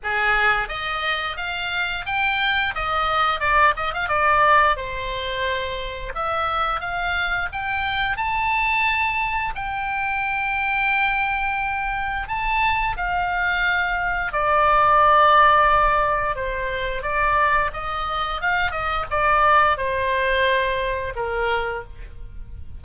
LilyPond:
\new Staff \with { instrumentName = "oboe" } { \time 4/4 \tempo 4 = 88 gis'4 dis''4 f''4 g''4 | dis''4 d''8 dis''16 f''16 d''4 c''4~ | c''4 e''4 f''4 g''4 | a''2 g''2~ |
g''2 a''4 f''4~ | f''4 d''2. | c''4 d''4 dis''4 f''8 dis''8 | d''4 c''2 ais'4 | }